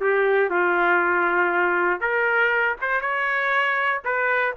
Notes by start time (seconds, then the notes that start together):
0.00 G4
0.50 F4
2.00 A#4
2.81 C5
3.01 C#5
4.05 B4